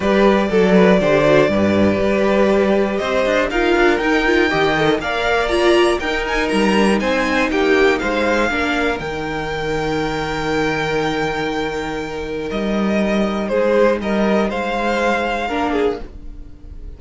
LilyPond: <<
  \new Staff \with { instrumentName = "violin" } { \time 4/4 \tempo 4 = 120 d''1~ | d''2 dis''4 f''4 | g''2 f''4 ais''4 | g''8 gis''8 ais''4 gis''4 g''4 |
f''2 g''2~ | g''1~ | g''4 dis''2 c''4 | dis''4 f''2. | }
  \new Staff \with { instrumentName = "violin" } { \time 4/4 b'4 a'8 b'8 c''4 b'4~ | b'2 c''4 ais'4~ | ais'4 dis''4 d''2 | ais'2 c''4 g'4 |
c''4 ais'2.~ | ais'1~ | ais'2. gis'4 | ais'4 c''2 ais'8 gis'8 | }
  \new Staff \with { instrumentName = "viola" } { \time 4/4 g'4 a'4 g'8 fis'8 g'4~ | g'2. f'4 | dis'8 f'8 g'8 a'8 ais'4 f'4 | dis'4. d'16 dis'2~ dis'16~ |
dis'4 d'4 dis'2~ | dis'1~ | dis'1~ | dis'2. d'4 | }
  \new Staff \with { instrumentName = "cello" } { \time 4/4 g4 fis4 d4 g,4 | g2 c'8 d'8 dis'8 d'8 | dis'4 dis4 ais2 | dis'4 g4 c'4 ais4 |
gis4 ais4 dis2~ | dis1~ | dis4 g2 gis4 | g4 gis2 ais4 | }
>>